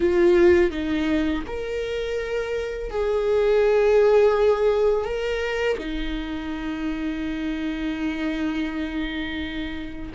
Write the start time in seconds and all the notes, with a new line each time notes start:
0.00 F4
0.70 D#4
1.46 A#4
2.90 G#4
5.04 A#4
5.78 D#4